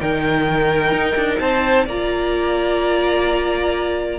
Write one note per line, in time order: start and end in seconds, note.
0.00 0.92 D#3
0.00 1.88 D#4
0.00 1.41 A#4
0.00 1.38 G5
0.92 1.16 D#4
1.16 1.39 D4
1.38 1.86 C4
1.38 1.85 C5
1.38 1.85 A5
1.85 4.19 A#3
1.85 4.19 F4
1.85 4.19 D5
1.85 4.19 A#5